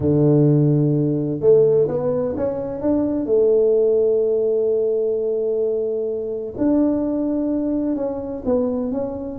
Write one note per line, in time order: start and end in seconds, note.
0.00 1.40 D3
1.40 1.87 A3
1.88 2.35 B3
2.36 2.81 C#4
2.81 3.26 D4
3.26 6.54 A3
6.57 7.96 D4
7.96 8.43 C#4
8.45 8.91 B3
8.91 9.38 C#4